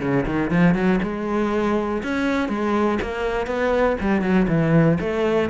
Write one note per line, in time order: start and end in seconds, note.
0.00 0.25 C#3
0.26 0.51 D#3
0.51 0.75 F3
0.75 1.00 F#3
1.02 2.02 G#3
2.03 2.49 C#4
2.49 2.99 G#3
3.02 3.47 A#3
3.47 3.97 B3
4.01 4.22 G3
4.22 4.47 F#3
4.48 4.98 E3
5.00 5.50 A3